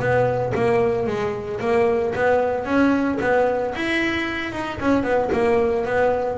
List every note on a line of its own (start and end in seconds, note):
0.00 0.53 B3
0.55 1.07 A#3
1.07 1.60 G#3
1.61 2.14 A#3
2.15 2.65 B3
2.65 3.19 C#4
3.21 3.74 B3
3.75 4.53 E4
4.53 4.79 D#4
4.80 5.03 C#4
5.03 5.30 B3
5.33 5.85 A#3
5.85 6.38 B3